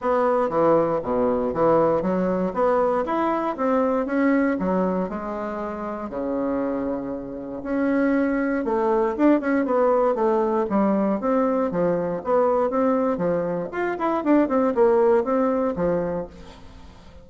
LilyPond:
\new Staff \with { instrumentName = "bassoon" } { \time 4/4 \tempo 4 = 118 b4 e4 b,4 e4 | fis4 b4 e'4 c'4 | cis'4 fis4 gis2 | cis2. cis'4~ |
cis'4 a4 d'8 cis'8 b4 | a4 g4 c'4 f4 | b4 c'4 f4 f'8 e'8 | d'8 c'8 ais4 c'4 f4 | }